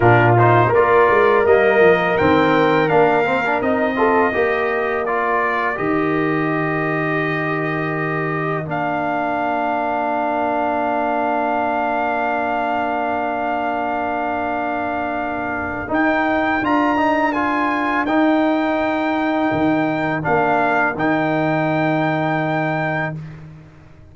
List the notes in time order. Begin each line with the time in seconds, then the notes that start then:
0.00 A#2 D4 F4 A#4
0.37 D#4 C5
0.68 A#4
0.74 A#3 F4 D5
1.09 G#3
1.45 G3 A#3 D#5
1.80 F3
2.17 D#3 C4 G5
2.88 A#3 D4 F5
3.25 C4
3.46 D4
3.61 C4 D#4 D#5
3.95 F4 A4
4.32 A#3 G4 A#4
5.05 F4 D5
5.75 D#3 G4 D#5
8.65 A#3 D4 F5
15.88 D#4 G5
16.62 D4 F4 A#5
16.96 D#4
17.32 F4 G#5
18.05 D#4 G5
19.51 D#3
20.22 A#3 D4 F5
20.95 D#3 D#4 G5